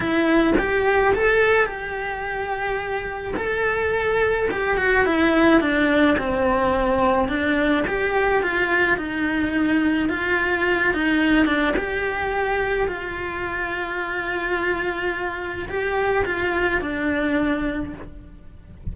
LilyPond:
\new Staff \with { instrumentName = "cello" } { \time 4/4 \tempo 4 = 107 e'4 g'4 a'4 g'4~ | g'2 a'2 | g'8 fis'8 e'4 d'4 c'4~ | c'4 d'4 g'4 f'4 |
dis'2 f'4. dis'8~ | dis'8 d'8 g'2 f'4~ | f'1 | g'4 f'4 d'2 | }